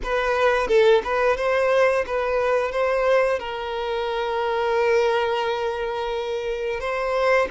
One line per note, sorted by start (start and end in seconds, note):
0.03 0.67 B4
0.67 1.01 A4
1.04 1.36 B4
1.36 2.05 C5
2.06 2.71 B4
2.71 3.39 C5
3.39 6.80 A#4
6.80 7.48 C5